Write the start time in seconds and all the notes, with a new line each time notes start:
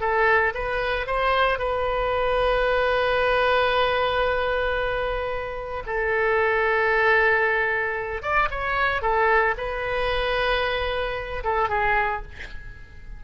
0.00 A4
0.54 B4
1.06 C5
1.58 B4
5.86 A4
8.22 D5
8.50 C#5
9.01 A4
9.57 B4
11.44 A4
11.69 G#4